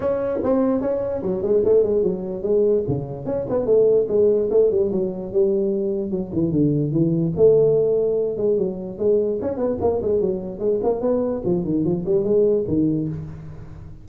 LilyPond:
\new Staff \with { instrumentName = "tuba" } { \time 4/4 \tempo 4 = 147 cis'4 c'4 cis'4 fis8 gis8 | a8 gis8 fis4 gis4 cis4 | cis'8 b8 a4 gis4 a8 g8 | fis4 g2 fis8 e8 |
d4 e4 a2~ | a8 gis8 fis4 gis4 cis'8 b8 | ais8 gis8 fis4 gis8 ais8 b4 | f8 dis8 f8 g8 gis4 dis4 | }